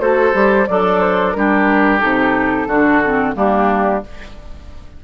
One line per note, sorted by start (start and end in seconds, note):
0.00 0.33 A3
0.00 0.33 F#4
0.00 0.69 A4
0.00 0.67 C5
0.33 0.67 G3
0.33 0.66 G4
0.67 1.36 F#3
0.67 1.37 D4
0.67 1.36 A4
0.67 1.00 D5
1.01 1.32 C5
1.32 2.02 G3
1.32 2.00 D4
1.32 2.68 G4
1.32 1.98 A#4
2.00 2.67 C3
2.00 2.67 D#4
2.00 3.33 A4
2.67 3.34 D3
2.67 3.03 D4
2.67 3.35 F#4
3.04 3.35 C4
3.35 4.03 G3
3.35 4.01 A#3
3.35 4.04 D4
3.35 4.04 G4